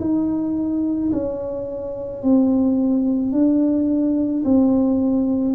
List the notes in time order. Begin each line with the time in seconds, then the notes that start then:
0.00 D#4
1.12 C#4
2.22 C4
3.32 D4
4.44 C4